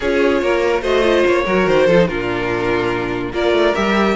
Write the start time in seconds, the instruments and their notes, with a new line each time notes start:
0.00 cello C#4, viola F4, violin G#4 C#5
0.42 cello A#3, violin A#4
0.81 cello A3, viola F#4, violin C5 D#5
1.02 viola F4
1.26 cello A#3, violin C#5
1.45 cello F#3, viola F#4, violin A#4
1.66 cello D#3, violin C5
1.86 cello F3, viola F4, violin A4
1.97 viola D#4
2.07 cello A#2, viola D4, violin F4 A#4
3.32 cello A#3, viola F4, violin A#4 D5
3.51 cello A3
3.73 cello G3, viola G4, violin E5